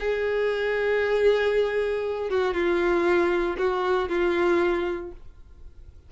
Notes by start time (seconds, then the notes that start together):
0.00 G#4
2.30 F#4
2.54 F4
3.58 F#4
4.09 F4